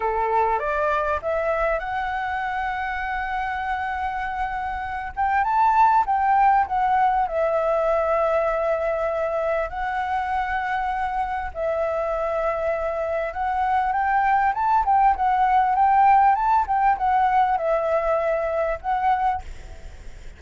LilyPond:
\new Staff \with { instrumentName = "flute" } { \time 4/4 \tempo 4 = 99 a'4 d''4 e''4 fis''4~ | fis''1~ | fis''8 g''8 a''4 g''4 fis''4 | e''1 |
fis''2. e''4~ | e''2 fis''4 g''4 | a''8 g''8 fis''4 g''4 a''8 g''8 | fis''4 e''2 fis''4 | }